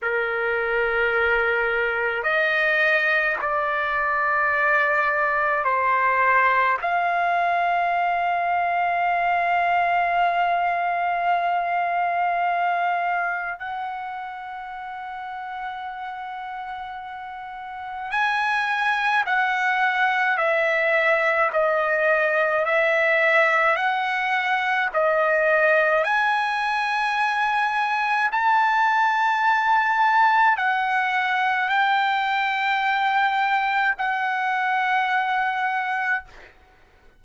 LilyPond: \new Staff \with { instrumentName = "trumpet" } { \time 4/4 \tempo 4 = 53 ais'2 dis''4 d''4~ | d''4 c''4 f''2~ | f''1 | fis''1 |
gis''4 fis''4 e''4 dis''4 | e''4 fis''4 dis''4 gis''4~ | gis''4 a''2 fis''4 | g''2 fis''2 | }